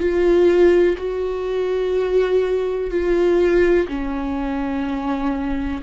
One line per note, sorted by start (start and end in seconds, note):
0.00 0.97 F4
0.98 2.91 F#4
2.91 3.88 F4
3.88 5.82 C#4